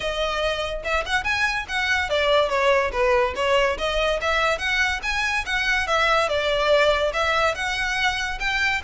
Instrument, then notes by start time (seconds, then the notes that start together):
violin
0.00 D#5
0.84 E5
1.05 F#5
1.24 G#5
1.68 F#5
2.09 D5
2.49 C#5
2.92 B4
3.35 C#5
3.78 D#5
4.21 E5
4.58 F#5
5.03 G#5
5.45 F#5
5.87 E5
6.28 D5
7.13 E5
7.54 F#5
8.39 G5